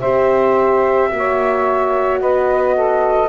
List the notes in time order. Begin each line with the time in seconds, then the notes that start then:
0.00 C4 G4 C5 E5
1.11 A#3 F#4
1.17 C#5
2.20 B3 B4 D#5
2.75 A4